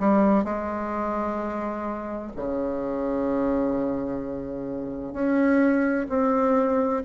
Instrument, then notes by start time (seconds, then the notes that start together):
bassoon
0.00 G3
0.45 G#3
2.37 C#3
5.13 C#4
6.09 C4